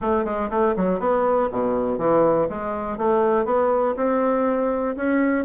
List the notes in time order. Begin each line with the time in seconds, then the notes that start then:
0.01 A3
0.25 G#3
0.50 A3
0.76 F#3
0.99 B3
1.51 B2
1.98 E3
2.49 G#3
2.97 A3
3.45 B3
3.96 C4
4.96 C#4